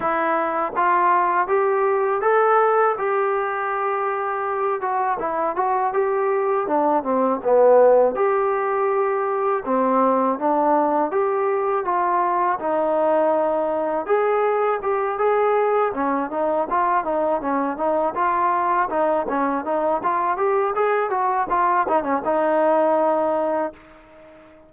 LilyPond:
\new Staff \with { instrumentName = "trombone" } { \time 4/4 \tempo 4 = 81 e'4 f'4 g'4 a'4 | g'2~ g'8 fis'8 e'8 fis'8 | g'4 d'8 c'8 b4 g'4~ | g'4 c'4 d'4 g'4 |
f'4 dis'2 gis'4 | g'8 gis'4 cis'8 dis'8 f'8 dis'8 cis'8 | dis'8 f'4 dis'8 cis'8 dis'8 f'8 g'8 | gis'8 fis'8 f'8 dis'16 cis'16 dis'2 | }